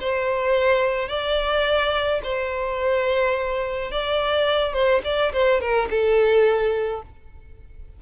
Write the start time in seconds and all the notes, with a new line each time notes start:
0.00 C5
1.08 D5
2.23 C5
3.91 D5
4.73 C5
5.04 D5
5.32 C5
5.60 A#4
5.90 A4